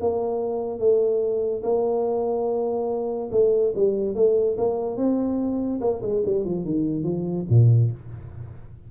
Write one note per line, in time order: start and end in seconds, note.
0.00 0.79 A#3
0.79 1.62 A3
1.63 3.30 A#3
3.31 3.73 A3
3.75 4.14 G3
4.14 4.56 A3
4.57 4.97 A#3
4.97 5.80 C4
5.80 6.01 A#3
6.02 6.23 G#3
6.25 6.45 G3
6.45 6.65 F3
6.65 7.03 D#3
7.03 7.45 F3
7.49 7.91 A#2